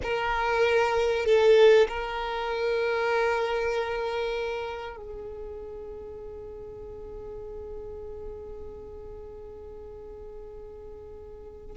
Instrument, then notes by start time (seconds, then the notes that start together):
violin
0.03 A#4
1.25 A4
1.88 A#4
4.96 G#4